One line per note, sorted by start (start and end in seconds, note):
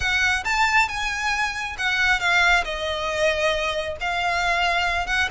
0.00 0.44 F#5
0.44 0.88 A5
0.88 1.76 G#5
1.78 2.19 F#5
2.19 2.64 F5
2.64 3.96 D#5
4.00 5.06 F5
5.06 5.28 F#5